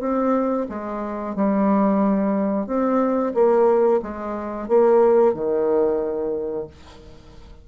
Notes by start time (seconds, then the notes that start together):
0.00 C4
0.69 G#3
1.35 G3
2.66 C4
3.34 A#3
4.02 G#3
4.68 A#3
5.34 D#3